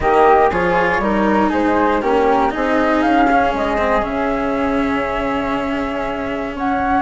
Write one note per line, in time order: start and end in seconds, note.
0.00 0.50 D#3
0.00 0.51 A#3
0.00 0.50 G4
0.00 0.50 D#5
0.50 0.98 F3
0.50 1.01 F4
0.50 1.00 G#4
0.50 1.51 C#5
0.98 1.49 G3
0.98 2.02 D#4
0.98 1.49 A#4
1.49 2.02 G#3
1.49 1.99 G#4
1.49 2.01 C5
2.01 2.53 A#3
2.01 2.49 C#4
2.01 2.51 G4
2.01 2.52 A#4
2.49 3.04 C4
2.49 3.25 D#4
2.49 6.56 G#4
2.49 3.02 D#5
3.02 3.53 C#4
3.02 3.52 F5
3.29 3.77 C#4
3.53 4.03 G#3
3.53 4.04 D#5
3.77 4.02 C4
4.02 6.54 C#3
4.02 7.02 C#4
4.02 6.56 E5
6.54 7.02 C#4
6.54 7.02 C#5
6.54 7.02 F#5